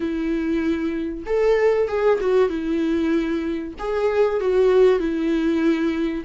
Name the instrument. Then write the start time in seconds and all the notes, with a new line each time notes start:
viola
0.00 E4
1.26 A4
1.88 G#4
2.20 F#4
2.49 E4
3.78 G#4
4.40 F#4
4.99 E4